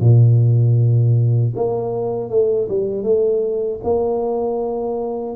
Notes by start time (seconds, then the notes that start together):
0.00 A#2
1.56 A#3
2.29 A3
2.69 G3
3.03 A3
3.84 A#3